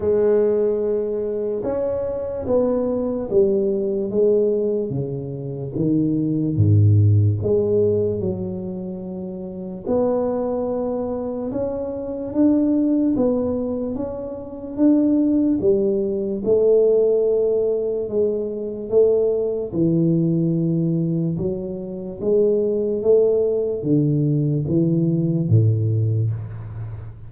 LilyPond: \new Staff \with { instrumentName = "tuba" } { \time 4/4 \tempo 4 = 73 gis2 cis'4 b4 | g4 gis4 cis4 dis4 | gis,4 gis4 fis2 | b2 cis'4 d'4 |
b4 cis'4 d'4 g4 | a2 gis4 a4 | e2 fis4 gis4 | a4 d4 e4 a,4 | }